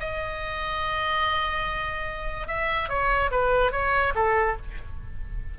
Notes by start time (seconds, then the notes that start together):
0.00 D#5
2.48 E5
2.89 C#5
3.31 B4
3.72 C#5
4.15 A4